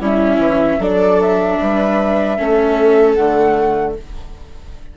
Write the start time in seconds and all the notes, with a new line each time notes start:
0.00 G3 C#4 E4 E5
0.38 E3
0.79 F#3 D4 A4 D5
1.21 E5
1.59 G3 B4
2.37 A3 C#4 A4
3.13 D3 A3 F#5